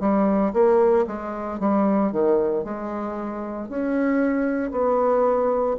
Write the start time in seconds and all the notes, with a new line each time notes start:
0.00 G3
0.53 A#3
1.07 G#3
1.59 G3
2.11 D#3
2.64 G#3
3.68 C#4
4.71 B3